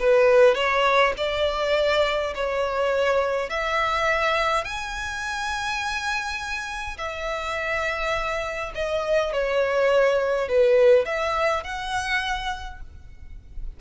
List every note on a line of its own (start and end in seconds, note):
0.00 0.56 B4
0.56 1.14 C#5
1.18 2.34 D5
2.35 3.50 C#5
3.50 4.65 E5
4.65 6.98 G#5
6.98 8.73 E5
8.75 9.33 D#5
9.33 10.49 C#5
10.49 11.06 B4
11.06 11.64 E5
11.64 12.81 F#5